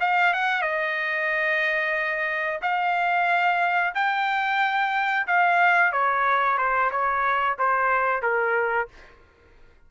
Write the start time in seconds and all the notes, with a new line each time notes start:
0.00 F5
0.33 F#5
0.61 D#5
2.62 F5
3.94 G5
5.27 F5
5.92 C#5
6.58 C5
6.91 C#5
7.58 C5
8.22 A#4